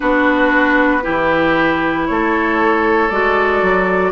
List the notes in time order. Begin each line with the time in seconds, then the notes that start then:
0.00 B3 D4 F#4 B4
1.02 E3 E4 G4
2.07 A3 A4 C#5
3.09 G#3 F#4 D5
3.61 F#3